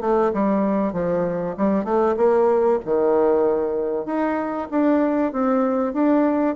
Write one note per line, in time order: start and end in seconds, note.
0.00 0.31 A3
0.33 0.93 G3
0.93 1.55 F3
1.57 1.84 G3
1.84 2.15 A3
2.16 2.79 A#3
2.85 4.05 D#3
4.05 4.68 D#4
4.70 5.32 D4
5.32 5.93 C4
5.93 6.55 D4